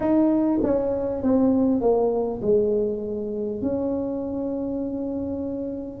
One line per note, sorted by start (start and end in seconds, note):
0.00 0.59 D#4
0.62 1.22 C#4
1.23 1.80 C4
1.80 2.40 A#3
2.41 3.61 G#3
3.61 6.00 C#4